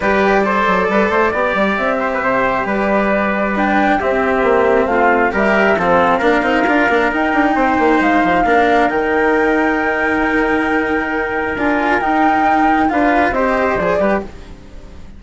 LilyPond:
<<
  \new Staff \with { instrumentName = "flute" } { \time 4/4 \tempo 4 = 135 d''1 | e''2 d''2 | g''4 e''2 f''4 | e''4 f''2. |
g''2 f''2 | g''1~ | g''2 gis''4 g''4~ | g''4 f''4 dis''4 d''4 | }
  \new Staff \with { instrumentName = "trumpet" } { \time 4/4 b'4 c''4 b'8 c''8 d''4~ | d''8 c''16 b'16 c''4 b'2~ | b'4 g'2 f'4 | ais'4 a'4 ais'2~ |
ais'4 c''2 ais'4~ | ais'1~ | ais'1~ | ais'4 b'4 c''4. b'8 | }
  \new Staff \with { instrumentName = "cello" } { \time 4/4 g'4 a'2 g'4~ | g'1 | d'4 c'2. | g'4 c'4 d'8 dis'8 f'8 d'8 |
dis'2. d'4 | dis'1~ | dis'2 f'4 dis'4~ | dis'4 f'4 g'4 gis'8 g'8 | }
  \new Staff \with { instrumentName = "bassoon" } { \time 4/4 g4. fis8 g8 a8 b8 g8 | c'4 c4 g2~ | g4 c'4 ais4 a4 | g4 f4 ais8 c'8 d'8 ais8 |
dis'8 d'8 c'8 ais8 gis8 f8 ais4 | dis1~ | dis2 d'4 dis'4~ | dis'4 d'4 c'4 f8 g8 | }
>>